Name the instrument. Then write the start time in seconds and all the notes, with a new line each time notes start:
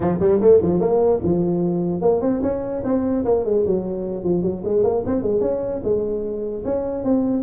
tuba
0.00 F3
0.20 G3
0.40 A3
0.61 F3
0.80 A#3
1.23 F3
2.01 A#3
2.21 C4
2.42 C#4
2.84 C4
3.24 A#3
3.44 G#3
3.66 F#3
4.23 F3
4.42 F#3
4.64 G#3
4.83 A#3
5.06 C4
5.22 G#3
5.41 C#4
5.83 G#3
6.64 C#4
7.04 C4